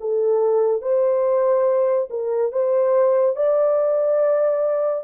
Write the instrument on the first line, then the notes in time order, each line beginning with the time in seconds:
horn
0.00 A4
0.81 C5
2.09 A#4
2.52 C5
3.36 D5